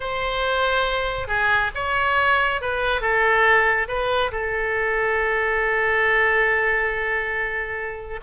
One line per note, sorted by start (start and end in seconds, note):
0.00 1.27 C5
1.27 1.71 G#4
1.74 2.61 C#5
2.61 3.01 B4
3.01 3.87 A4
3.88 4.31 B4
4.31 8.20 A4